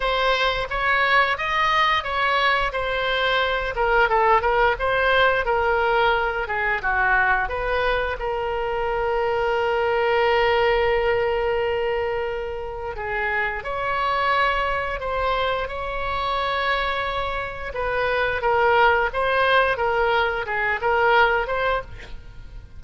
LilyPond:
\new Staff \with { instrumentName = "oboe" } { \time 4/4 \tempo 4 = 88 c''4 cis''4 dis''4 cis''4 | c''4. ais'8 a'8 ais'8 c''4 | ais'4. gis'8 fis'4 b'4 | ais'1~ |
ais'2. gis'4 | cis''2 c''4 cis''4~ | cis''2 b'4 ais'4 | c''4 ais'4 gis'8 ais'4 c''8 | }